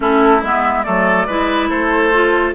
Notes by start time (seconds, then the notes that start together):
0.00 A3 C#4 E4 A4
0.41 G#3 B3 E5
0.83 F#3 A3 A4 D5
1.27 G#3 E4 B4
1.69 A3 A4 C5
2.13 F4